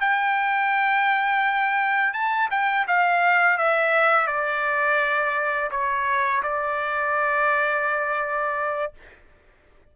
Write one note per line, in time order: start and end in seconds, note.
0.00 2.13 G5
2.13 2.49 A5
2.50 2.86 G5
2.87 3.57 F5
3.57 4.27 E5
4.27 5.70 D5
5.71 6.42 C#5
6.42 8.92 D5